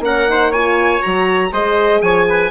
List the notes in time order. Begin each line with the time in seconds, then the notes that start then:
0.00 A#3 C#4 A#4 F#5
0.28 D#4 C5
0.50 F4 C#5 G#5
1.01 F#3 F#4 A#5
1.52 G#3 G#4 C5 D#5
2.01 F3 C#5 G#5
2.29 B4